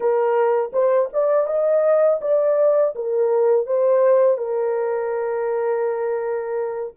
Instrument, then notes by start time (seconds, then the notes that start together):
horn
0.00 A#4
0.73 C5
1.13 D5
1.46 D#5
2.21 D5
2.95 A#4
3.66 C5
4.37 A#4